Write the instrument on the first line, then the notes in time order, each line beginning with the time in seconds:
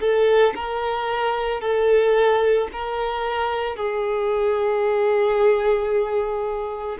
violin
0.00 A4
0.55 A#4
1.61 A4
2.72 A#4
3.76 G#4